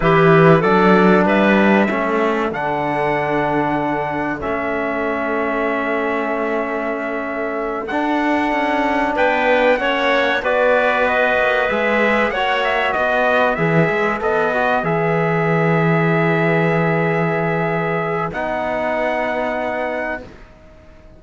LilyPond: <<
  \new Staff \with { instrumentName = "trumpet" } { \time 4/4 \tempo 4 = 95 b'4 d''4 e''2 | fis''2. e''4~ | e''1~ | e''8 fis''2 g''4 fis''8~ |
fis''8 d''4 dis''4 e''4 fis''8 | e''8 dis''4 e''4 dis''4 e''8~ | e''1~ | e''4 fis''2. | }
  \new Staff \with { instrumentName = "clarinet" } { \time 4/4 g'4 a'4 b'4 a'4~ | a'1~ | a'1~ | a'2~ a'8 b'4 cis''8~ |
cis''8 b'2. cis''8~ | cis''8 b'2.~ b'8~ | b'1~ | b'1 | }
  \new Staff \with { instrumentName = "trombone" } { \time 4/4 e'4 d'2 cis'4 | d'2. cis'4~ | cis'1~ | cis'8 d'2. cis'8~ |
cis'8 fis'2 gis'4 fis'8~ | fis'4. gis'4 a'8 fis'8 gis'8~ | gis'1~ | gis'4 dis'2. | }
  \new Staff \with { instrumentName = "cello" } { \time 4/4 e4 fis4 g4 a4 | d2. a4~ | a1~ | a8 d'4 cis'4 b4 ais8~ |
ais8 b4. ais8 gis4 ais8~ | ais8 b4 e8 gis8 b4 e8~ | e1~ | e4 b2. | }
>>